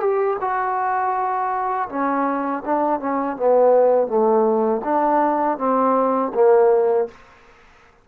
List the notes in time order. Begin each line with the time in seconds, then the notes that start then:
0.00 G4
0.40 F#4
1.89 C#4
2.65 D4
3.00 C#4
3.36 B3
4.07 A3
4.84 D4
5.58 C4
6.34 A#3